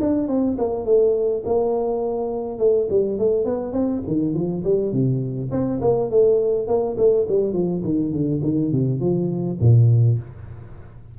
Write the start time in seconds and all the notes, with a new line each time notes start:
0.00 D4
0.28 C4
0.57 A#3
0.84 A3
1.45 A#3
2.58 A3
2.89 G3
3.18 A3
3.45 B3
3.72 C4
4.06 D#3
4.34 F3
4.64 G3
4.92 C3
5.50 C4
5.80 A#3
6.10 A3
6.67 A#3
6.97 A3
7.28 G3
7.53 F3
7.84 D#3
8.12 D3
8.43 D#3
8.71 C3
9.00 F3
9.60 A#2